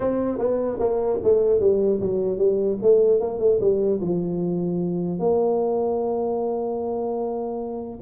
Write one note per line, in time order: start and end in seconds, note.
0.00 0.38 C4
0.38 0.78 B3
0.79 1.19 A#3
1.23 1.60 A3
1.60 2.00 G3
2.00 2.37 F#3
2.37 2.77 G3
2.81 3.20 A3
3.20 3.39 A#3
3.39 3.59 A3
3.60 4.00 G3
4.01 5.19 F3
5.19 7.99 A#3